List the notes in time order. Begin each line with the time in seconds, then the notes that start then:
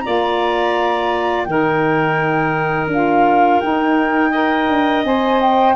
0.00 F4 D5 A#5
0.07 A#3
1.44 D#3 D#4 A#4 G5
2.87 D4 F4 F5
3.60 D#4 G5
4.31 A#4 D#5
4.69 D4
5.04 C4 C5 G#5
5.41 G5